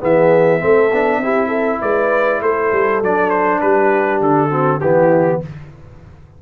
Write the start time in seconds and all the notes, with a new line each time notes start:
0.00 E3 B3 G#4 E5
0.59 A3 C4 A4
0.91 B3 D4
1.17 C4 E4 G4
1.47 A4
1.81 G#3 B4 D5
2.41 A3 A4 C5
2.72 G3
3.02 F#3 D4 D5
3.30 C5
3.60 G3 G4 B4
4.20 D3 A4
4.49 C4 F#4
4.80 E3 B3 E4 G4